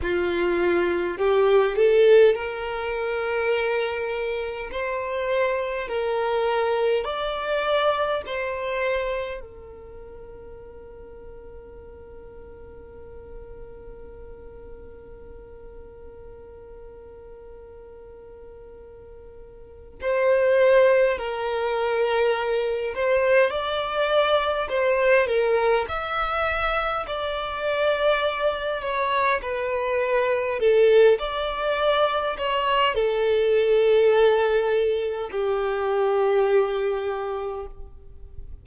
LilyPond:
\new Staff \with { instrumentName = "violin" } { \time 4/4 \tempo 4 = 51 f'4 g'8 a'8 ais'2 | c''4 ais'4 d''4 c''4 | ais'1~ | ais'1~ |
ais'4 c''4 ais'4. c''8 | d''4 c''8 ais'8 e''4 d''4~ | d''8 cis''8 b'4 a'8 d''4 cis''8 | a'2 g'2 | }